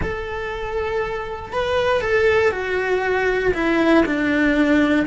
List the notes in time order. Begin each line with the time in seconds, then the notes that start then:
0.02 A4
1.52 B4
2.01 A4
2.51 F#4
3.54 E4
4.05 D4